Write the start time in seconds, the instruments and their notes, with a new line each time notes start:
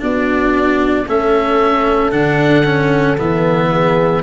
0.00 tuba B3, cello D4, horn F#4, oboe D5
1.06 tuba A3, cello C#4, horn A4, oboe E5
2.12 tuba D3, cello D4, oboe F#5
2.65 cello C#4
3.18 tuba E3, cello B3, oboe E5
3.71 horn G#4